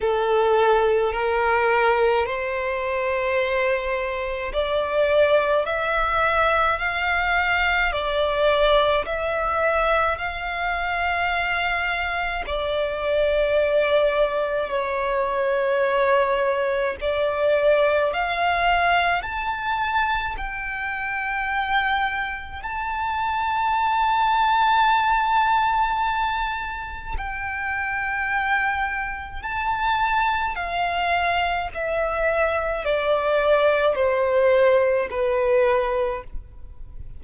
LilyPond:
\new Staff \with { instrumentName = "violin" } { \time 4/4 \tempo 4 = 53 a'4 ais'4 c''2 | d''4 e''4 f''4 d''4 | e''4 f''2 d''4~ | d''4 cis''2 d''4 |
f''4 a''4 g''2 | a''1 | g''2 a''4 f''4 | e''4 d''4 c''4 b'4 | }